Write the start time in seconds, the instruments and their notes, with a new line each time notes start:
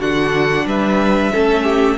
0.00 cello D3, viola D4, violin F#4 F#5
0.65 cello G3, violin B4 E5
1.32 cello A3, viola C#4, violin A4
1.63 violin G4